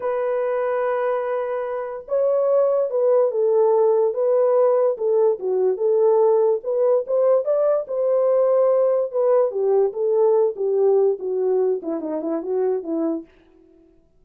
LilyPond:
\new Staff \with { instrumentName = "horn" } { \time 4/4 \tempo 4 = 145 b'1~ | b'4 cis''2 b'4 | a'2 b'2 | a'4 fis'4 a'2 |
b'4 c''4 d''4 c''4~ | c''2 b'4 g'4 | a'4. g'4. fis'4~ | fis'8 e'8 dis'8 e'8 fis'4 e'4 | }